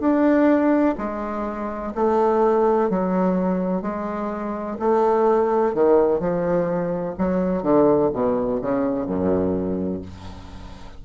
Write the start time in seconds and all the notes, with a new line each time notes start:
0.00 D4
0.98 G#3
1.95 A3
2.90 F#3
3.82 G#3
4.79 A3
5.74 D#3
6.19 F3
7.18 F#3
7.62 D3
8.13 B2
8.61 C#3
9.06 F#2